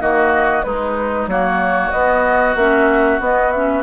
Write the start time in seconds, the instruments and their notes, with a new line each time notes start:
0.00 bassoon D#3, clarinet A#3, oboe F#4, flute D#5
0.63 bassoon G#3, clarinet G#3, oboe D#4, flute B4
1.27 bassoon F#3, clarinet A#3, oboe F#4, flute C#5
1.91 bassoon B3, clarinet B3, flute D#5
2.55 bassoon A#3, clarinet C#4, flute E5
3.20 bassoon B3, clarinet B3, flute D#5
3.51 clarinet C#4, flute E5